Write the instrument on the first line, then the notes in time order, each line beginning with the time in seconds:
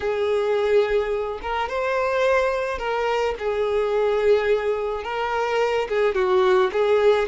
violin
0.00 G#4
1.42 A#4
1.68 C5
2.78 A#4
3.38 G#4
5.03 A#4
5.88 G#4
6.14 F#4
6.72 G#4